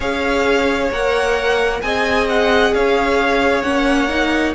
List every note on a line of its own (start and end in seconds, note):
0.00 0.90 C#4
0.00 0.91 G#4
0.00 1.80 C#5
0.00 0.91 F5
0.91 1.82 A#3
0.91 1.82 A#4
0.91 1.81 F#5
1.81 2.73 C4
1.81 3.63 G#4
1.81 2.74 D#5
1.81 2.27 G#5
2.28 2.74 F#5
2.74 3.63 C#4
2.74 4.54 C#5
2.74 3.62 F5
3.62 4.54 A#3
3.62 4.08 C#4
3.62 4.53 F#5
4.08 4.53 D#4